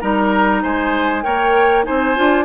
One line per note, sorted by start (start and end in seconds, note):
0.00 0.63 G3
0.00 1.22 D#4
0.00 0.62 A#4
0.00 0.61 A#5
0.62 1.24 G#3
0.62 1.23 C5
0.62 1.22 G#5
1.22 1.86 A#3
1.22 1.83 A#4
1.22 1.85 C#5
1.22 1.84 G5
1.84 2.17 C4
1.84 2.14 D#4
1.84 2.45 C5
1.84 2.45 G#5
2.15 2.45 D4
2.15 2.45 F4